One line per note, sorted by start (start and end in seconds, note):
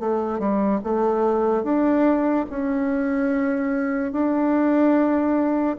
0.00 0.39 A3
0.39 0.80 G3
0.84 1.64 A3
1.64 2.46 D4
2.50 4.13 C#4
4.13 5.77 D4